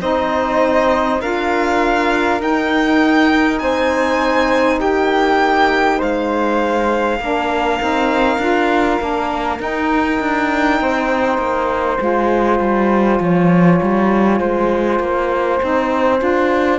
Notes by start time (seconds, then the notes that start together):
0.00 C4 D#4 C5 D#5
1.21 D4 F4 A#4 F5
2.39 D#4 G5
3.59 C4 C5 G#5
4.80 A#3 G4 G5
5.98 G#3 C5 F5
7.20 A#3 D4 A#4
7.80 C4 D#4
8.38 D4 F4
9.00 A#3 D4
9.58 D#4 G5
10.20 D4
10.80 C4 C5
11.38 A#3
11.98 G#3 F4 G#5
12.60 G3
13.20 F3 C#5
13.82 G3
14.39 G#3 C5
15.00 A#3
15.62 C4 D#4
16.18 D4 F4